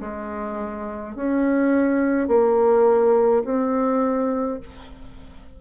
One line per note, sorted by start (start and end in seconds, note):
0.00 1.15 G#3
1.15 2.28 C#4
2.28 3.43 A#3
3.44 4.59 C4